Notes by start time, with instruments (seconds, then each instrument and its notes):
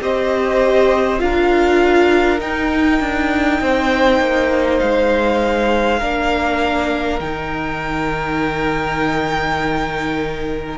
0.00 cello C4, viola G4, violin C5 D#5
1.19 cello D4, viola F4, violin A#4 F5
2.39 viola D#4, cello D#4, violin G5
3.00 cello D4
3.61 cello C4, violin C5
4.20 cello A#3
4.79 cello G#3, violin F5
5.99 cello A#3, viola D4, violin A#4
7.19 cello D#3, viola D#4, violin G5